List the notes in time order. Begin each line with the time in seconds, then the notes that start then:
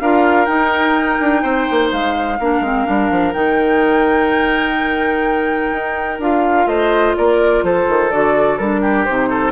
0.00 D4 F4 A#4 F5
0.45 D#4 G5
1.20 D4
1.42 C4 C5
1.70 A#3
1.92 G#3 F5
2.39 A#3 D4 A#4
2.60 G#3 C4
2.85 G3 D4
3.10 F3
3.33 D#3 D#4 G5
5.72 D#4
6.19 D4 F4 F5
6.66 A3 C5 D#5
7.16 A#3 A#4 D5
7.63 F3 A4 C5
7.88 D#3
8.11 D3 F#4 D5
8.58 G3 D4 A#4
8.81 G4
9.04 C3 D#4 C5
9.29 A4